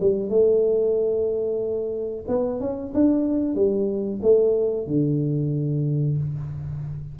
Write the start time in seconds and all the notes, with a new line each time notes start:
0.00 G3
0.29 A3
2.28 B3
2.60 C#4
2.93 D4
3.55 G3
4.22 A3
4.87 D3